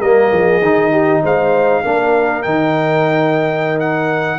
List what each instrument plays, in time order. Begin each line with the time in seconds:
0.00 tuba G3, trombone A#3, horn A#4, trumpet D#5
0.32 tuba F3, horn G#4
0.61 tuba D#3, trombone D#4
0.92 horn G4
1.23 tuba G#3, horn C5, trumpet F5
1.84 tuba A#3, trombone D4, horn A#4
2.43 tuba D#3, trombone D#4, trumpet G5
3.80 trumpet F#5